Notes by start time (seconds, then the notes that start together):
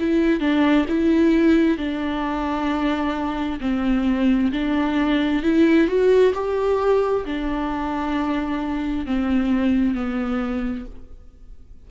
0.00 E4
0.40 D4
0.89 E4
1.78 D4
3.61 C4
4.52 D4
5.43 E4
5.88 F#4
6.35 G4
7.26 D4
9.07 C4
9.95 B3